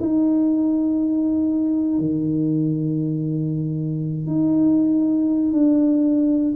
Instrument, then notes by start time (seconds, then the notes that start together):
tuba
0.00 D#4
1.99 D#3
4.27 D#4
5.52 D4